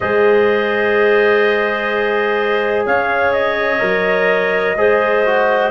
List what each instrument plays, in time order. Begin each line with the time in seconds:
0.00 tuba G#3, trombone G#4, clarinet C5, trumpet D#5
2.85 tuba C#4, clarinet C#5, trumpet F5
3.33 trumpet D#5
3.79 tuba F#3, trombone A#4
4.75 tuba G#3, trombone G#4, clarinet C5
5.25 trombone F#4